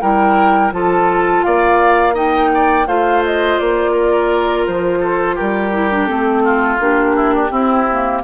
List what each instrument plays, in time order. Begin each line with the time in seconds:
0.00 bassoon G3, clarinet E4, oboe A#4, flute G5
0.71 bassoon F3, clarinet F4, oboe A4, flute A5
1.43 bassoon A#3, oboe D5, flute F5
2.12 clarinet D#4, oboe D#5, flute G5
2.54 oboe D5
2.86 bassoon A3, clarinet F4, oboe C5, flute F5
3.25 flute D#5
3.58 bassoon A#3, flute D5
3.91 oboe A#4
4.67 bassoon F3, flute C5
5.00 oboe A4
5.35 bassoon G3, oboe G4, flute A#4
5.72 clarinet E4
5.91 clarinet D4
6.06 bassoon A3, clarinet C4, flute A4
6.44 oboe F4
6.79 bassoon A#3, clarinet D4, flute G4
7.16 oboe E4
7.34 oboe D4
7.49 clarinet C4, bassoon C4, oboe E4
7.91 clarinet A#3